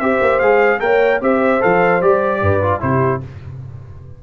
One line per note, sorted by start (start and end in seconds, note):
0.00 0.20 C4
0.00 0.42 G4
0.00 0.81 C5
0.00 0.40 E5
0.22 0.41 A#3
0.40 0.81 G#3
0.40 0.81 G#4
0.40 0.80 F5
0.80 1.21 A#3
0.80 1.21 A#4
0.80 1.23 C#5
0.80 1.21 G5
1.21 1.62 C4
1.21 1.61 G4
1.21 2.43 C5
1.21 1.63 E5
1.61 2.02 F3
1.61 2.01 A4
1.61 2.02 F5
2.01 2.41 G3
2.01 2.62 G4
2.01 2.82 D5
2.41 2.82 G2
2.41 2.83 B4
2.62 2.81 F4
2.81 3.23 C3
2.81 3.21 E4
2.81 3.23 G4
2.81 3.22 C5